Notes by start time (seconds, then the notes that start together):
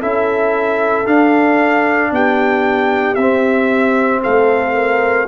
0.00 C#4 E4 A4 E5
1.06 D4 F5
2.12 B3 G4 G5
3.15 C4 E5
4.23 A3 A4 F5
4.74 A#4